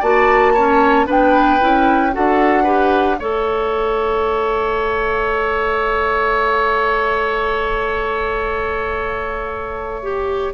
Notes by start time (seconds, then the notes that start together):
0.00 A#3 F#4 D5 A5
0.54 C#4 C#5
1.07 B3 D4 B4 G5
1.60 C#4 E4
2.12 D4 F#4 A4 F#5
2.64 G4 B4
3.18 A3 A4 C#5 E5
10.03 G4